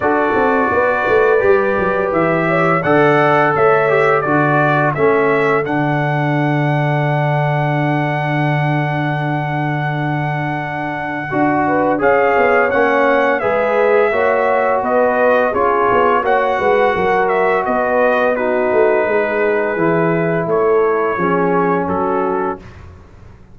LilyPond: <<
  \new Staff \with { instrumentName = "trumpet" } { \time 4/4 \tempo 4 = 85 d''2. e''4 | fis''4 e''4 d''4 e''4 | fis''1~ | fis''1~ |
fis''4 f''4 fis''4 e''4~ | e''4 dis''4 cis''4 fis''4~ | fis''8 e''8 dis''4 b'2~ | b'4 cis''2 a'4 | }
  \new Staff \with { instrumentName = "horn" } { \time 4/4 a'4 b'2~ b'8 cis''8 | d''4 cis''4 a'2~ | a'1~ | a'1~ |
a'8 b'8 cis''2 b'4 | cis''4 b'4 gis'4 cis''8 b'8 | ais'4 b'4 fis'4 gis'4~ | gis'4 a'4 gis'4 fis'4 | }
  \new Staff \with { instrumentName = "trombone" } { \time 4/4 fis'2 g'2 | a'4. g'8 fis'4 cis'4 | d'1~ | d'1 |
fis'4 gis'4 cis'4 gis'4 | fis'2 f'4 fis'4~ | fis'2 dis'2 | e'2 cis'2 | }
  \new Staff \with { instrumentName = "tuba" } { \time 4/4 d'8 c'8 b8 a8 g8 fis8 e4 | d4 a4 d4 a4 | d1~ | d1 |
d'4 cis'8 b8 ais4 gis4 | ais4 b4 cis'8 b8 ais8 gis8 | fis4 b4. a8 gis4 | e4 a4 f4 fis4 | }
>>